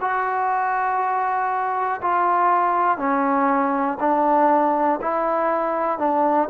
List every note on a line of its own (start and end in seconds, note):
0.00 2.00 F#4
2.01 2.97 F4
2.97 3.97 C#4
3.99 4.99 D4
5.01 5.99 E4
5.99 6.49 D4